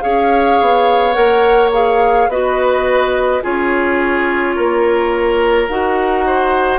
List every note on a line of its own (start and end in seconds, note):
0.00 0.60 C#4
0.00 1.13 G#4
0.00 2.29 C#5
0.00 1.13 F5
0.60 1.16 B3
1.13 2.28 A#3
1.13 1.69 A#4
1.13 1.70 F#5
1.73 2.29 G#4
1.73 2.30 F5
2.28 3.41 B3
2.28 3.42 F#4
2.28 3.43 B4
2.28 3.43 D#5
3.42 4.58 C#4
3.42 5.68 F4
3.42 4.55 G#4
3.42 5.69 C#5
4.55 5.68 A#3
4.55 6.25 A#4
5.68 6.79 D#4
5.68 6.79 F#4
5.68 6.79 F#5
6.26 6.79 C5